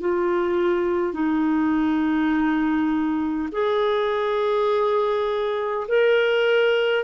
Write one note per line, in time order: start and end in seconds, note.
0.00 1.13 F4
1.13 3.49 D#4
3.52 5.87 G#4
5.88 7.04 A#4